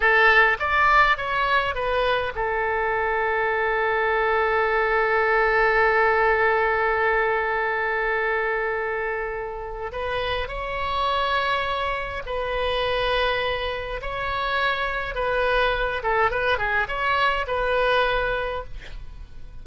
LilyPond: \new Staff \with { instrumentName = "oboe" } { \time 4/4 \tempo 4 = 103 a'4 d''4 cis''4 b'4 | a'1~ | a'1~ | a'1~ |
a'4 b'4 cis''2~ | cis''4 b'2. | cis''2 b'4. a'8 | b'8 gis'8 cis''4 b'2 | }